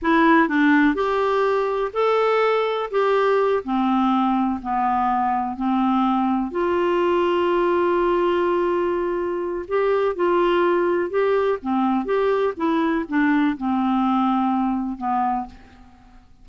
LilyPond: \new Staff \with { instrumentName = "clarinet" } { \time 4/4 \tempo 4 = 124 e'4 d'4 g'2 | a'2 g'4. c'8~ | c'4. b2 c'8~ | c'4. f'2~ f'8~ |
f'1 | g'4 f'2 g'4 | c'4 g'4 e'4 d'4 | c'2. b4 | }